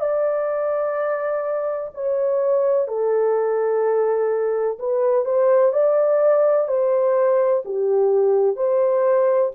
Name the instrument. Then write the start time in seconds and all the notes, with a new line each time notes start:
horn
0.00 D5
1.94 C#5
2.87 A4
4.78 B4
5.25 C5
5.72 D5
6.68 C5
7.65 G4
8.56 C5